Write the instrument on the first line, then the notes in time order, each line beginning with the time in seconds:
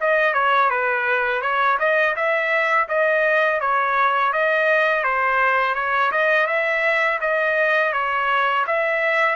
trumpet
0.00 D#5
0.33 C#5
0.70 B4
1.41 C#5
1.78 D#5
2.16 E5
2.88 D#5
3.60 C#5
4.32 D#5
5.03 C5
5.74 C#5
6.11 D#5
6.46 E5
7.20 D#5
7.93 C#5
8.66 E5